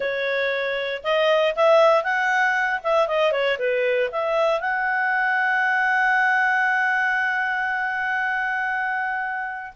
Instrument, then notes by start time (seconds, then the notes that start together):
clarinet
0.00 C#5
1.03 D#5
1.55 E5
2.03 F#5
2.83 E5
3.07 D#5
3.31 C#5
3.58 B4
4.11 E5
4.60 F#5